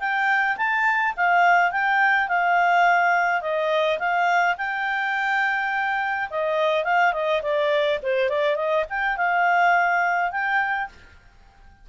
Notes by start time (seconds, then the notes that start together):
0.00 G5
0.57 A5
1.17 F5
1.72 G5
2.29 F5
3.42 D#5
3.99 F5
4.58 G5
6.31 D#5
6.85 F5
7.14 D#5
7.43 D5
8.03 C5
8.30 D5
8.56 D#5
8.90 G5
9.18 F5
10.32 G5